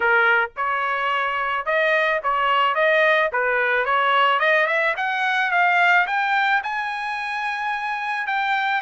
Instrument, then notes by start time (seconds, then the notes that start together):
trumpet
0.00 A#4
0.56 C#5
1.65 D#5
2.23 C#5
2.74 D#5
3.32 B4
3.85 C#5
4.39 D#5
4.66 E5
4.96 F#5
5.51 F5
6.07 G5
6.63 G#5
8.26 G5